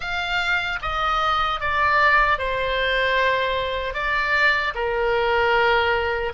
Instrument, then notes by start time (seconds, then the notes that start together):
oboe
0.00 F5
0.81 D#5
1.60 D5
2.38 C5
3.94 D5
4.74 A#4